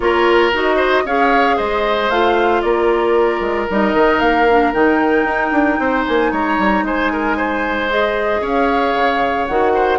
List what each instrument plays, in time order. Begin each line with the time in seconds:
0.00 bassoon A#3, clarinet F4, oboe A#4, flute C#5
0.53 bassoon D#4, clarinet F#4, flute D#5
0.76 oboe C5
1.05 bassoon C#4, clarinet G#4, oboe C#5, flute F5
1.56 bassoon G#3, oboe C5, flute D#5
2.09 bassoon A3, clarinet F4, flute F5
2.61 bassoon A#3, oboe A#4, flute D5
3.40 bassoon G#3
3.69 bassoon G3, clarinet D#4, flute D#5
3.93 bassoon D#3
4.19 bassoon A#3, flute F5
4.49 clarinet D4
4.73 bassoon D#3, clarinet D#4, flute G5
5.24 bassoon D#4
5.51 bassoon D4
5.79 bassoon C4, oboe C5
6.06 bassoon A#3, flute G#5
6.31 bassoon G#3, oboe C#5, flute A#5
6.58 bassoon G3
6.82 bassoon G#3, oboe C5, flute G#5
7.12 oboe A#4
7.36 oboe C5
7.89 clarinet G#4, flute D#5
8.41 bassoon C#4, oboe C#5, flute F5
8.94 bassoon C#3
9.47 bassoon D#3, clarinet F#4, flute F#5
9.74 oboe C5